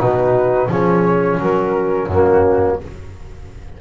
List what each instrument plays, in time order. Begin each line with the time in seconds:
0.00 double bass B2, trombone D#4, horn F#4, flute B4
0.69 double bass F3, trombone C#4, horn G#4, flute C#5
1.40 double bass F#3, horn F#4, flute A#4
2.07 double bass F#2, trombone A#3, horn C#4, flute F#4